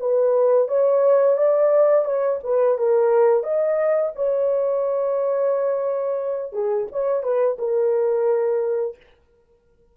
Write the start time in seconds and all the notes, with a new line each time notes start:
0.00 B4
0.69 C#5
1.38 D5
2.05 C#5
2.44 B4
2.78 A#4
3.44 D#5
4.16 C#5
6.53 G#4
6.92 C#5
7.23 B4
7.59 A#4